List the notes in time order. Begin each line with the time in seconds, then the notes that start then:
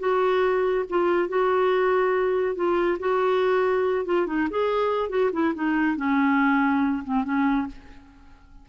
0.00 F#4
0.90 F4
1.29 F#4
2.56 F4
3.00 F#4
4.06 F4
4.27 D#4
4.50 G#4
5.10 F#4
5.33 E4
5.55 D#4
5.97 C#4
7.04 C4
7.25 C#4